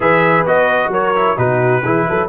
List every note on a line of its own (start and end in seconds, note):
0.00 0.44 E3
0.00 0.46 G#4
0.00 0.91 B4
0.00 0.46 E5
0.45 0.88 B3
0.45 1.14 F#4
0.45 0.92 D#5
0.88 1.33 F#3
0.88 1.37 A#4
0.88 1.38 C#5
1.15 1.36 E4
1.36 1.83 B2
1.36 1.82 D#4
1.36 1.83 F#4
1.36 2.28 B4
1.83 2.07 E3
1.83 2.28 E4
1.83 2.06 G#4
2.09 2.28 F#3
2.09 2.28 A4